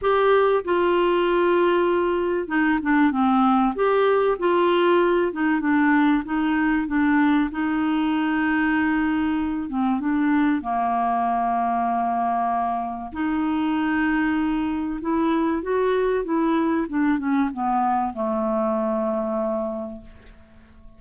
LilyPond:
\new Staff \with { instrumentName = "clarinet" } { \time 4/4 \tempo 4 = 96 g'4 f'2. | dis'8 d'8 c'4 g'4 f'4~ | f'8 dis'8 d'4 dis'4 d'4 | dis'2.~ dis'8 c'8 |
d'4 ais2.~ | ais4 dis'2. | e'4 fis'4 e'4 d'8 cis'8 | b4 a2. | }